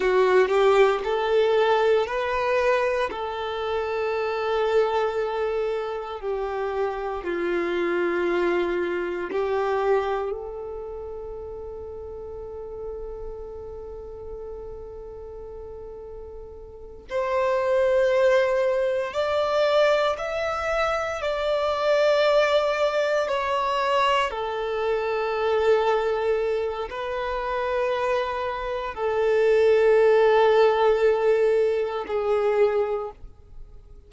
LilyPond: \new Staff \with { instrumentName = "violin" } { \time 4/4 \tempo 4 = 58 fis'8 g'8 a'4 b'4 a'4~ | a'2 g'4 f'4~ | f'4 g'4 a'2~ | a'1~ |
a'8 c''2 d''4 e''8~ | e''8 d''2 cis''4 a'8~ | a'2 b'2 | a'2. gis'4 | }